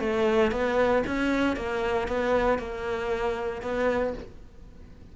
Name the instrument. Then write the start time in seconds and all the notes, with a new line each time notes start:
cello
0.00 A3
0.51 B3
1.07 C#4
1.56 A#3
2.08 B3
2.59 A#3
3.62 B3